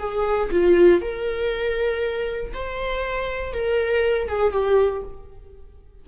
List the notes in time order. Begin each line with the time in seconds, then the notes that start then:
0.00 G#4
0.52 F4
1.02 A#4
2.54 C5
3.54 A#4
4.29 G#4
4.53 G4